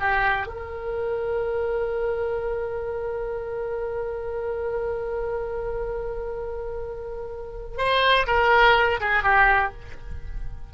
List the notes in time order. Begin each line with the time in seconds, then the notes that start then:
0.00 G4
0.46 A#4
7.77 C5
8.27 A#4
9.00 G#4
9.23 G4